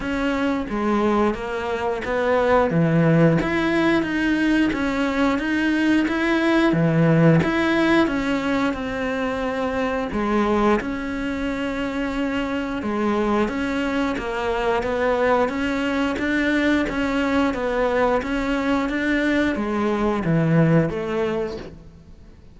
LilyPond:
\new Staff \with { instrumentName = "cello" } { \time 4/4 \tempo 4 = 89 cis'4 gis4 ais4 b4 | e4 e'4 dis'4 cis'4 | dis'4 e'4 e4 e'4 | cis'4 c'2 gis4 |
cis'2. gis4 | cis'4 ais4 b4 cis'4 | d'4 cis'4 b4 cis'4 | d'4 gis4 e4 a4 | }